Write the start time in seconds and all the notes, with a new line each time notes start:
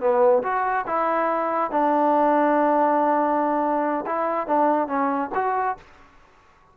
0.00 B3
0.43 F#4
0.86 E4
1.71 D4
4.06 E4
4.47 D4
4.87 C#4
5.34 F#4